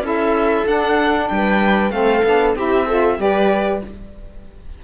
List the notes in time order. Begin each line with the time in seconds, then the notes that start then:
0.00 C#4 E4 A4
0.07 E5
0.66 D4 F#5
1.29 G3 B4 G5
1.91 A3 C4 A4 F5
2.24 B3 D4
2.56 C4 E4 G4 E5
2.86 F4 A4
3.18 G3 G4 B4 D5